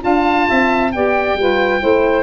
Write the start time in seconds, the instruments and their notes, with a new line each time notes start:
0.00 tuba D4, saxophone F4 F5, oboe A5
0.48 tuba C4, saxophone E5
0.92 tuba B3, saxophone G4 D5, oboe G5
1.34 tuba G3, saxophone F4 B4
1.79 tuba A3, saxophone E4 C5